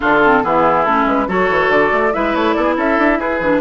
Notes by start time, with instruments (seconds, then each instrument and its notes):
0.00 bassoon D3, clarinet D4, oboe F4, flute A4
0.25 clarinet C4
0.43 bassoon E3, clarinet B3, oboe E4, flute G#4
0.84 bassoon A3, clarinet C#4, flute A4
1.05 bassoon G#3, flute B4
1.27 bassoon F#3, clarinet F#4, oboe A4, flute C#5
1.49 bassoon E3
1.69 bassoon D3, flute D5
1.91 bassoon A3
2.12 bassoon G#3, clarinet E4, oboe B4, flute E5
2.34 bassoon A3, flute C#5
2.53 bassoon B3, oboe A4, flute D5
2.63 oboe G#4
2.76 bassoon C#4, oboe A4, flute E5
2.98 bassoon D4
3.19 bassoon E4, oboe G#4, flute B4
3.40 bassoon E3, clarinet D4